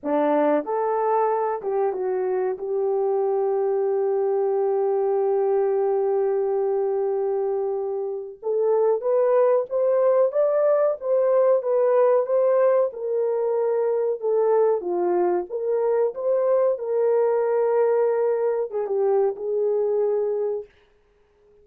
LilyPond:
\new Staff \with { instrumentName = "horn" } { \time 4/4 \tempo 4 = 93 d'4 a'4. g'8 fis'4 | g'1~ | g'1~ | g'4 a'4 b'4 c''4 |
d''4 c''4 b'4 c''4 | ais'2 a'4 f'4 | ais'4 c''4 ais'2~ | ais'4 gis'16 g'8. gis'2 | }